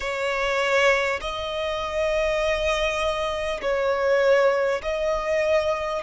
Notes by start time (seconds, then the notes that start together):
0.00 C#5
1.21 D#5
3.61 C#5
4.82 D#5